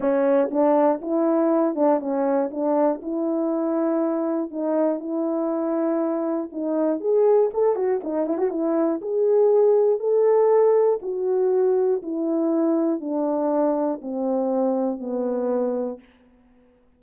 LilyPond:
\new Staff \with { instrumentName = "horn" } { \time 4/4 \tempo 4 = 120 cis'4 d'4 e'4. d'8 | cis'4 d'4 e'2~ | e'4 dis'4 e'2~ | e'4 dis'4 gis'4 a'8 fis'8 |
dis'8 e'16 fis'16 e'4 gis'2 | a'2 fis'2 | e'2 d'2 | c'2 b2 | }